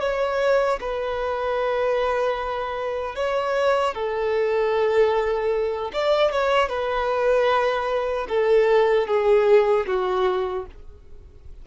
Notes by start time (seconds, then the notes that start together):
0.00 C#5
0.80 B4
3.15 C#5
3.94 A4
5.93 D5
6.32 C#5
6.69 B4
8.28 A4
9.07 G#4
9.86 F#4